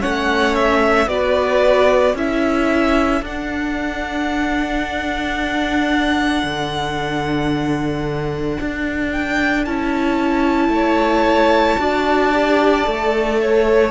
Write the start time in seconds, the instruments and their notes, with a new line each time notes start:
0.00 cello A3, viola C#4, violin C#5 F#5
0.55 violin E5
1.07 cello B3, viola F#4, violin B4 D5
2.14 cello C#4, viola E4, violin A4 E5
3.21 cello D4, viola D4, violin F#5
6.44 cello D3
8.61 cello D4
9.12 violin G5
9.65 cello C#4, viola E4, violin A5
10.69 cello A3
10.75 violin C#5
11.79 cello D4, viola F#4, violin D5
12.33 viola G4
12.84 cello A3, viola A4
13.42 violin C#5